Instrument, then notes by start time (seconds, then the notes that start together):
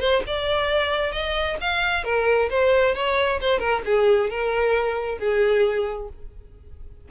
violin
0.00 C5
0.27 D5
1.12 D#5
1.61 F5
2.04 A#4
2.50 C5
2.95 C#5
3.41 C5
3.59 A#4
3.85 G#4
4.30 A#4
5.18 G#4